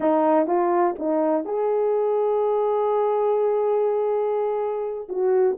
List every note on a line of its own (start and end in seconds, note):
0.00 0.47 D#4
0.47 0.95 F4
0.98 1.45 D#4
1.45 5.08 G#4
5.09 5.57 F#4